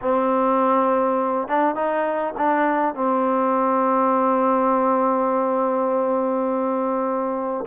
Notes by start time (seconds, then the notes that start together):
0.01 C4
1.48 D4
1.75 D#4
2.37 D4
2.94 C4